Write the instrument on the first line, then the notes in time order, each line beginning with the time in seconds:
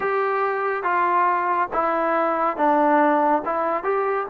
trombone
0.00 G4
0.83 F4
1.73 E4
2.56 D4
3.45 E4
3.83 G4